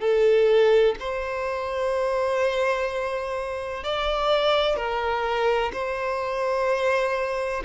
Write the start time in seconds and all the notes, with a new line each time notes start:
0.00 A4
1.00 C5
3.84 D5
4.77 A#4
5.73 C5